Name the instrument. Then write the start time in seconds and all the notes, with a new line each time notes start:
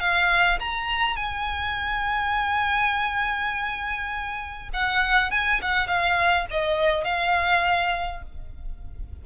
violin
0.00 F5
0.60 A#5
1.16 G#5
4.73 F#5
5.31 G#5
5.62 F#5
5.87 F5
6.51 D#5
7.05 F5